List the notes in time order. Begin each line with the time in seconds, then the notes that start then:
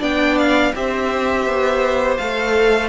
0.00 B3 D4 D5 G5
0.38 F5
0.75 C4 G4 C5 E5
1.46 B3
2.17 A3 A4 F5